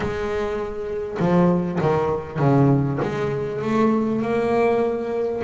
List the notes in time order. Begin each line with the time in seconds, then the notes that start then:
0.00 G#3
1.19 F3
1.81 D#3
2.39 C#3
3.02 G#3
3.62 A3
4.22 A#3